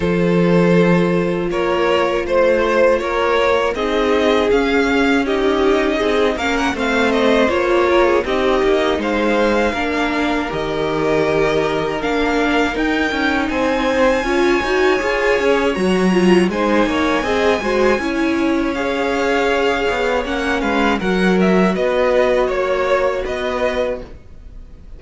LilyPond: <<
  \new Staff \with { instrumentName = "violin" } { \time 4/4 \tempo 4 = 80 c''2 cis''4 c''4 | cis''4 dis''4 f''4 dis''4~ | dis''8 f''16 fis''16 f''8 dis''8 cis''4 dis''4 | f''2 dis''2 |
f''4 g''4 gis''2~ | gis''4 ais''4 gis''2~ | gis''4 f''2 fis''8 f''8 | fis''8 e''8 dis''4 cis''4 dis''4 | }
  \new Staff \with { instrumentName = "violin" } { \time 4/4 a'2 ais'4 c''4 | ais'4 gis'2 g'4 | gis'8 ais'8 c''4. ais'16 gis'16 g'4 | c''4 ais'2.~ |
ais'2 c''4 cis''4~ | cis''2 c''8 cis''8 dis''8 c''8 | cis''2.~ cis''8 b'8 | ais'4 b'4 cis''4 b'4 | }
  \new Staff \with { instrumentName = "viola" } { \time 4/4 f'1~ | f'4 dis'4 cis'4 dis'4~ | dis'8 cis'8 c'4 f'4 dis'4~ | dis'4 d'4 g'2 |
d'4 dis'2 f'8 fis'8 | gis'4 fis'8 f'8 dis'4 gis'8 fis'8 | e'4 gis'2 cis'4 | fis'1 | }
  \new Staff \with { instrumentName = "cello" } { \time 4/4 f2 ais4 a4 | ais4 c'4 cis'2 | c'8 ais8 a4 ais4 c'8 ais8 | gis4 ais4 dis2 |
ais4 dis'8 cis'8 c'4 cis'8 dis'8 | f'8 cis'8 fis4 gis8 ais8 c'8 gis8 | cis'2~ cis'8 b8 ais8 gis8 | fis4 b4 ais4 b4 | }
>>